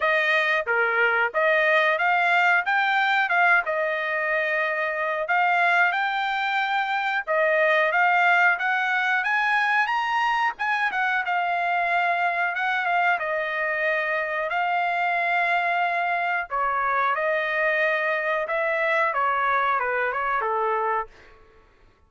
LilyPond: \new Staff \with { instrumentName = "trumpet" } { \time 4/4 \tempo 4 = 91 dis''4 ais'4 dis''4 f''4 | g''4 f''8 dis''2~ dis''8 | f''4 g''2 dis''4 | f''4 fis''4 gis''4 ais''4 |
gis''8 fis''8 f''2 fis''8 f''8 | dis''2 f''2~ | f''4 cis''4 dis''2 | e''4 cis''4 b'8 cis''8 a'4 | }